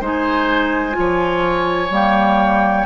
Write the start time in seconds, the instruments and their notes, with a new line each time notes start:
0.00 bassoon G#3, clarinet D#4, oboe C5, flute G#5
0.92 bassoon F3, clarinet F4
0.99 oboe C#5
1.90 bassoon G3, clarinet A#3, flute G5